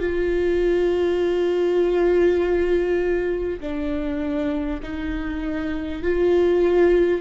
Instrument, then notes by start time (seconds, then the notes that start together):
viola
0.00 F4
3.60 D4
4.82 D#4
6.03 F4